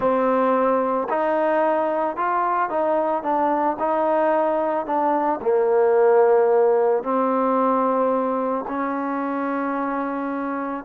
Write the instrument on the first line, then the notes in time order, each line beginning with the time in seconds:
trombone
0.00 C4
1.09 D#4
2.16 F4
2.69 D#4
3.22 D4
3.79 D#4
4.86 D4
5.41 A#3
7.03 C4
8.68 C#4